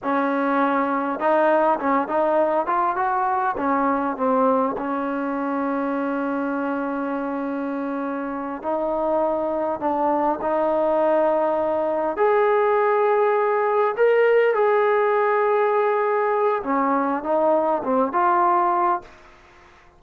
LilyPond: \new Staff \with { instrumentName = "trombone" } { \time 4/4 \tempo 4 = 101 cis'2 dis'4 cis'8 dis'8~ | dis'8 f'8 fis'4 cis'4 c'4 | cis'1~ | cis'2~ cis'8 dis'4.~ |
dis'8 d'4 dis'2~ dis'8~ | dis'8 gis'2. ais'8~ | ais'8 gis'2.~ gis'8 | cis'4 dis'4 c'8 f'4. | }